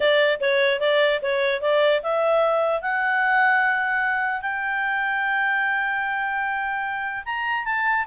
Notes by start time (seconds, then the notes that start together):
0.00 D5
0.40 C#5
0.80 D5
1.22 C#5
1.61 D5
2.02 E5
2.81 F#5
4.41 G5
7.25 A#5
7.64 A5